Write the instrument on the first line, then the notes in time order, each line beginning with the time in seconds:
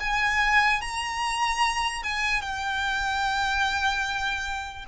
violin
0.00 G#5
0.81 A#5
2.03 G#5
2.41 G5